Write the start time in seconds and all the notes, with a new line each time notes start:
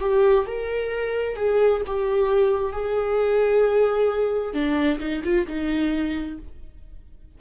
0.00 G4
0.47 A#4
1.36 G#4
1.86 G4
2.73 G#4
4.54 D4
5.00 D#4
5.24 F4
5.47 D#4